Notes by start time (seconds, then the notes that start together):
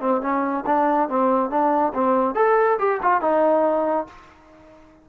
0.00 C4
0.21 C#4
0.66 D4
1.09 C4
1.50 D4
1.94 C4
2.35 A4
2.79 G4
3.03 F4
3.21 D#4